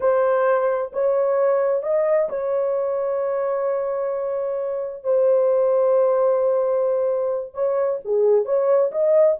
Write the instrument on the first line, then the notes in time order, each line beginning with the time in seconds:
horn
0.00 C5
0.93 C#5
1.83 D#5
2.29 C#5
5.03 C5
7.54 C#5
8.04 G#4
8.45 C#5
8.91 D#5